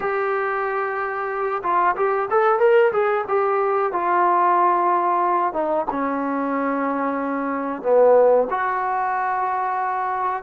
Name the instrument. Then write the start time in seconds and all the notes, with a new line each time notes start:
trombone
0.00 G4
1.62 F4
1.96 G4
2.30 A4
2.59 A#4
2.92 G#4
3.28 G4
3.92 F4
5.53 D#4
5.90 C#4
7.82 B3
8.50 F#4